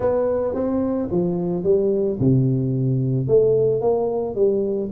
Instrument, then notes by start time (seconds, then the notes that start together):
tuba
0.00 B3
0.54 C4
1.11 F3
1.63 G3
2.19 C3
3.27 A3
3.81 A#3
4.35 G3